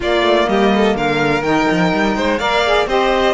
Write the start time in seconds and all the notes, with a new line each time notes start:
0.00 A#3 F4 D5
0.21 A3
0.48 G3 G4 D#5
0.75 A4
0.95 D3 A#4 F5
1.42 D#3 D#4 G5
1.71 F3
1.92 G3
2.16 G#3 C5
2.38 A#3 A#4 D5 F5
2.66 G#4
2.86 C4 G4 C5 D#5